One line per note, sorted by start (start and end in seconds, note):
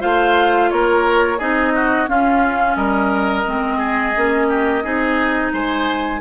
0.00 0.72 A3
0.00 1.38 F4
0.00 0.70 C5
0.00 0.71 F5
0.71 1.41 A#3
0.71 1.38 A#4
0.71 1.39 C#5
1.38 2.08 C4
1.38 2.08 D#4
1.38 1.73 G#4
1.38 2.08 D#5
1.75 2.10 F#4
2.08 3.46 C#4
2.08 2.76 C#4
2.08 2.77 F4
2.08 2.76 F5
2.76 3.45 G3
2.76 3.78 A#4
2.76 5.52 D#5
3.46 4.16 G#3
3.46 4.15 C4
3.78 4.47 G#4
4.16 4.85 A#3
4.16 4.83 C#4
4.49 4.84 G4
4.83 5.53 C4
4.83 6.21 D#4
4.83 5.53 G#4
5.53 6.21 G#3
5.53 6.21 C5
5.53 6.21 G#5